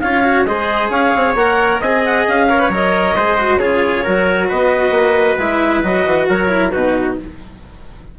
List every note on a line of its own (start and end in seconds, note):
0.00 0.45 C#4
0.00 0.24 F4
0.00 0.47 C#5
0.00 0.45 F5
0.24 0.46 F#4
0.45 0.90 G#3
0.45 1.37 G#4
0.45 0.91 C5
0.45 0.89 D#5
0.90 1.12 C#4
0.90 1.80 C#5
0.90 1.36 F5
1.15 1.35 C4
1.35 1.80 A#3
1.35 1.83 A#4
1.35 1.81 F#5
1.80 2.26 C4
1.80 2.49 G#4
1.80 2.47 D#5
1.80 2.04 G#5
2.05 2.27 F#5
2.28 2.69 C#4
2.28 2.72 F5
2.49 2.59 A#4
2.49 3.16 C#5
2.59 2.70 B4
2.69 3.14 F#3
2.69 3.16 A#4
2.69 3.58 D#5
3.16 3.58 G#3
3.16 3.38 G#4
3.16 3.59 C5
3.38 3.60 F#4
3.58 4.03 C#3
3.58 4.05 F4
3.58 4.03 G#4
3.58 4.47 C#5
4.03 4.51 F#3
4.03 5.40 F#4
4.03 4.48 A#4
4.49 4.91 B3
4.49 6.28 B4
4.49 5.40 D#5
4.91 5.35 A#3
5.38 5.83 G#3
5.38 5.83 E4
5.38 5.83 E5
5.83 6.06 F#3
5.83 6.48 F#4
5.83 6.27 D#5
6.06 6.28 E3
6.29 6.74 F#3
6.29 6.72 A#4
6.29 6.71 C#5
6.48 6.71 E4
6.71 7.18 B2
6.71 7.19 D#4
6.71 7.17 F#4
6.71 7.16 B4